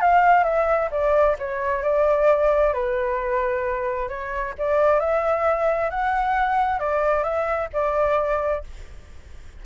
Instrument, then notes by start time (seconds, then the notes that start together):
flute
0.00 F5
0.44 E5
0.90 D5
1.38 C#5
1.82 D5
2.73 B4
4.08 C#5
4.58 D5
4.99 E5
5.90 F#5
6.79 D5
7.23 E5
7.73 D5